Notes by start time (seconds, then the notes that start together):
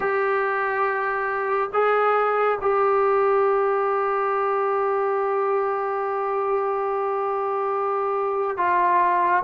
0.00 G4
1.73 G#4
2.61 G4
8.57 F4